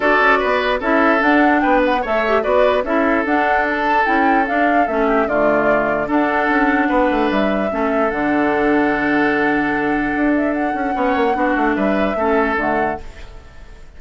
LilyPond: <<
  \new Staff \with { instrumentName = "flute" } { \time 4/4 \tempo 4 = 148 d''2 e''4 fis''4 | g''8 fis''8 e''4 d''4 e''4 | fis''4 a''4 g''4 f''4 | e''4 d''2 fis''4~ |
fis''2 e''2 | fis''1~ | fis''4. e''8 fis''2~ | fis''4 e''2 fis''4 | }
  \new Staff \with { instrumentName = "oboe" } { \time 4/4 a'4 b'4 a'2 | b'4 cis''4 b'4 a'4~ | a'1~ | a'8 g'8 f'2 a'4~ |
a'4 b'2 a'4~ | a'1~ | a'2. cis''4 | fis'4 b'4 a'2 | }
  \new Staff \with { instrumentName = "clarinet" } { \time 4/4 fis'2 e'4 d'4~ | d'4 a'8 g'8 fis'4 e'4 | d'2 e'4 d'4 | cis'4 a2 d'4~ |
d'2. cis'4 | d'1~ | d'2. cis'4 | d'2 cis'4 a4 | }
  \new Staff \with { instrumentName = "bassoon" } { \time 4/4 d'8 cis'8 b4 cis'4 d'4 | b4 a4 b4 cis'4 | d'2 cis'4 d'4 | a4 d2 d'4 |
cis'4 b8 a8 g4 a4 | d1~ | d4 d'4. cis'8 b8 ais8 | b8 a8 g4 a4 d4 | }
>>